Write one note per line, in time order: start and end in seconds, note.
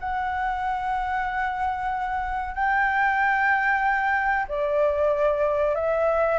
0.00 2.55 F#5
2.55 4.46 G5
4.49 5.75 D5
5.75 6.39 E5